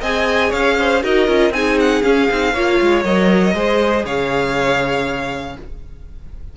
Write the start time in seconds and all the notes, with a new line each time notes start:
0.00 C4 G#4 D#5 G#5
0.49 C#4 C#5 F5
0.78 C5
1.02 D#4 F#4 A#4 D#5
1.27 C#4 F4
1.50 C4 D#4 G#4 G#5
1.79 F#5
2.02 C#4 F5
2.29 C4 D#4
2.53 A#3 F4 C#5
2.81 G#3
3.04 F#3 A#4 D#5
3.54 G#3 G#4 C5
4.04 C#3 C#5 F5